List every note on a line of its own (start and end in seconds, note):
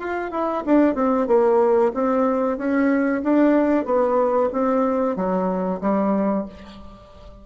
0.00 0.32 F4
0.32 0.64 E4
0.66 0.95 D4
0.95 1.28 C4
1.28 1.92 A#3
1.94 2.58 C4
2.58 3.23 C#4
3.24 3.86 D4
3.86 4.50 B3
4.53 5.16 C4
5.16 5.81 F#3
5.82 6.46 G3